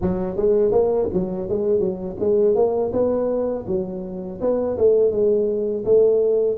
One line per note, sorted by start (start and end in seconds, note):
0.01 0.36 F#3
0.36 0.72 G#3
0.72 1.08 A#3
1.13 1.48 F#3
1.48 1.79 G#3
1.79 2.16 F#3
2.19 2.55 G#3
2.55 2.91 A#3
2.92 3.66 B3
3.67 4.40 F#3
4.40 4.77 B3
4.77 5.11 A3
5.11 5.84 G#3
5.84 6.58 A3